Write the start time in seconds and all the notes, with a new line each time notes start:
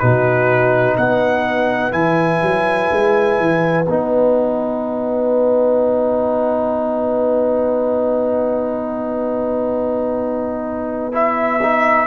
0.00 B2 D#4 F#4 B4
0.97 B3 B4 F#5
1.92 E3 E4 G#5
2.42 F#3
2.92 G#3
3.39 E3
3.85 B3 D#4 F#5
11.12 E4 E5
11.63 D#4